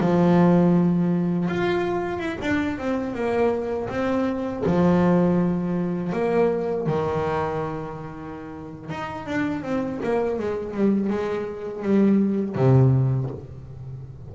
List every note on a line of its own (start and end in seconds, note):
0.00 1.48 F3
1.48 2.19 F4
2.19 2.37 E4
2.41 2.78 D4
2.78 3.14 C4
3.14 3.88 A#3
3.89 4.63 C4
4.65 6.12 F3
6.12 6.86 A#3
6.86 8.89 D#3
8.89 9.26 D#4
9.26 9.62 D4
9.62 9.99 C4
10.03 10.38 A#3
10.38 10.73 G#3
10.73 11.09 G3
11.09 11.82 G#3
11.82 12.55 G3
12.55 13.29 C3